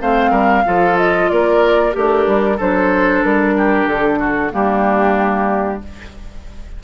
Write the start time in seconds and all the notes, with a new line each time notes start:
0.00 A3 C4 C5 F5
0.31 G3 A#4
0.65 F3 F4 A4
0.98 D#5
1.29 A#3 A#4 D5
1.92 A3 D4 G4 A#4
2.27 G3
2.57 F#3 D4 A4 C5
3.23 G3 A#4
3.58 G4
3.87 D3 A4
4.19 F#4
4.50 G3 A#3 D4 G4